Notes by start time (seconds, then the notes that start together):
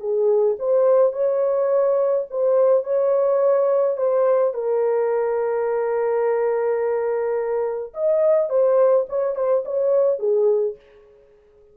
0.00 G#4
0.59 C5
1.13 C#5
2.31 C5
2.84 C#5
3.97 C5
4.54 A#4
7.94 D#5
8.50 C5
9.10 C#5
9.36 C5
9.65 C#5
10.19 G#4